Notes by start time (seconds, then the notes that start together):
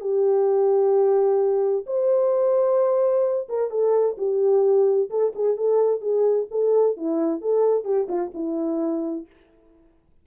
0.00 G4
1.86 C5
3.49 A#4
3.70 A4
4.17 G4
5.10 A4
5.35 G#4
5.56 A4
6.00 G#4
6.50 A4
6.96 E4
7.41 A4
7.84 G4
8.08 F4
8.34 E4